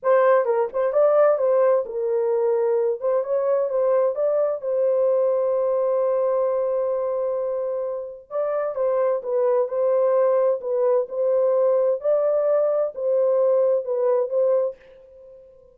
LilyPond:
\new Staff \with { instrumentName = "horn" } { \time 4/4 \tempo 4 = 130 c''4 ais'8 c''8 d''4 c''4 | ais'2~ ais'8 c''8 cis''4 | c''4 d''4 c''2~ | c''1~ |
c''2 d''4 c''4 | b'4 c''2 b'4 | c''2 d''2 | c''2 b'4 c''4 | }